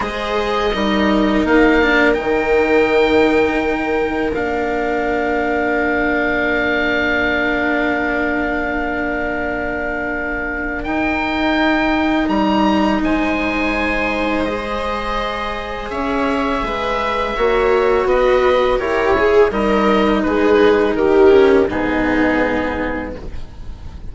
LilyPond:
<<
  \new Staff \with { instrumentName = "oboe" } { \time 4/4 \tempo 4 = 83 dis''2 f''4 g''4~ | g''2 f''2~ | f''1~ | f''2. g''4~ |
g''4 ais''4 gis''2 | dis''2 e''2~ | e''4 dis''4 cis''4 dis''4 | b'4 ais'4 gis'2 | }
  \new Staff \with { instrumentName = "viola" } { \time 4/4 c''4 ais'2.~ | ais'1~ | ais'1~ | ais'1~ |
ais'2 c''2~ | c''2 cis''4 b'4 | cis''4 b'4 ais'8 gis'8 ais'4 | gis'4 g'4 dis'2 | }
  \new Staff \with { instrumentName = "cello" } { \time 4/4 gis'4 dis'4. d'8 dis'4~ | dis'2 d'2~ | d'1~ | d'2. dis'4~ |
dis'1 | gis'1 | fis'2 g'8 gis'8 dis'4~ | dis'4. cis'8 b2 | }
  \new Staff \with { instrumentName = "bassoon" } { \time 4/4 gis4 g4 ais4 dis4~ | dis2 ais2~ | ais1~ | ais2. dis'4~ |
dis'4 g4 gis2~ | gis2 cis'4 gis4 | ais4 b4 e'4 g4 | gis4 dis4 gis,2 | }
>>